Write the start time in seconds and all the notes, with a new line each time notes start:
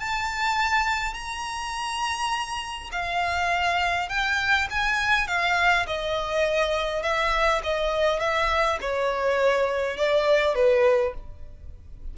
0.00 A5
1.14 A#5
2.92 F5
4.09 G5
4.70 G#5
5.28 F5
5.87 D#5
7.03 E5
7.64 D#5
8.20 E5
8.81 C#5
9.97 D5
10.55 B4